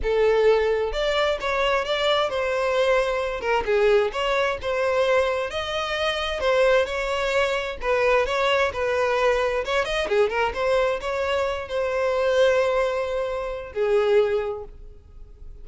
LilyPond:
\new Staff \with { instrumentName = "violin" } { \time 4/4 \tempo 4 = 131 a'2 d''4 cis''4 | d''4 c''2~ c''8 ais'8 | gis'4 cis''4 c''2 | dis''2 c''4 cis''4~ |
cis''4 b'4 cis''4 b'4~ | b'4 cis''8 dis''8 gis'8 ais'8 c''4 | cis''4. c''2~ c''8~ | c''2 gis'2 | }